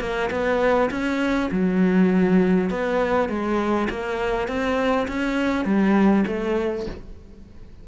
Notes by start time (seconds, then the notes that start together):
0.00 A#3
0.31 B3
0.90 C#4
1.51 F#3
2.70 B3
3.29 G#3
3.90 A#3
4.48 C4
5.08 C#4
5.65 G3
6.27 A3